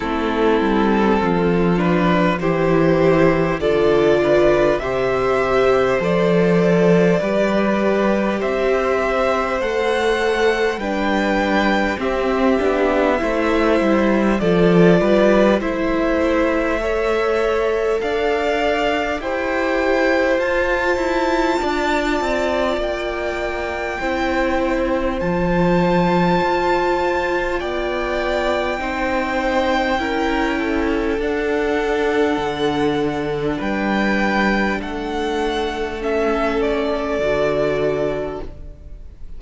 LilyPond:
<<
  \new Staff \with { instrumentName = "violin" } { \time 4/4 \tempo 4 = 50 a'4. b'8 c''4 d''4 | e''4 d''2 e''4 | fis''4 g''4 e''2 | d''4 e''2 f''4 |
g''4 a''2 g''4~ | g''4 a''2 g''4~ | g''2 fis''2 | g''4 fis''4 e''8 d''4. | }
  \new Staff \with { instrumentName = "violin" } { \time 4/4 e'4 f'4 g'4 a'8 b'8 | c''2 b'4 c''4~ | c''4 b'4 g'4 c''4 | a'8 b'8 c''4 cis''4 d''4 |
c''2 d''2 | c''2. d''4 | c''4 ais'8 a'2~ a'8 | b'4 a'2. | }
  \new Staff \with { instrumentName = "viola" } { \time 4/4 c'4. d'8 e'4 f'4 | g'4 a'4 g'2 | a'4 d'4 c'8 d'8 e'4 | f'4 e'4 a'2 |
g'4 f'2. | e'4 f'2. | dis'4 e'4 d'2~ | d'2 cis'4 fis'4 | }
  \new Staff \with { instrumentName = "cello" } { \time 4/4 a8 g8 f4 e4 d4 | c4 f4 g4 c'4 | a4 g4 c'8 b8 a8 g8 | f8 g8 a2 d'4 |
e'4 f'8 e'8 d'8 c'8 ais4 | c'4 f4 f'4 b4 | c'4 cis'4 d'4 d4 | g4 a2 d4 | }
>>